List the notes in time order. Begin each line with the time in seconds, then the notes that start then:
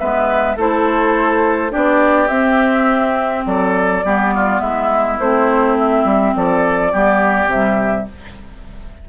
0.00 G#3 B3 B4 E5
0.57 A3 E4 A4 C5
1.71 B3 D4 G4 D5
2.28 C4 E5
3.46 F#3 A4 D5
4.05 G3 B3 G4
4.35 F4
4.60 G#3 E4 E5
5.20 A3 C4 C5
5.78 E5
6.05 G3
6.36 F3 A4 D5
6.93 G3 B3 G4
7.46 C3 G3 E5